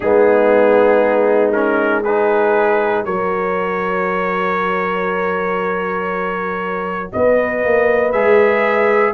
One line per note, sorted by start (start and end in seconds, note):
0.00 3.05 G#3
0.00 1.53 B3
0.00 2.02 D#4
0.00 1.51 G#4
1.51 2.04 C#4
1.51 2.02 A#4
2.02 3.06 D#4
2.02 3.03 G#4
2.02 3.04 B4
3.04 7.11 F#3
3.04 8.13 F#4
3.04 7.12 A#4
3.04 7.11 C#5
7.12 7.64 B3
7.12 9.13 B4
7.12 8.12 D#5
7.64 8.13 A#3
8.12 9.13 G#3
8.12 9.13 G#4
8.12 9.13 E5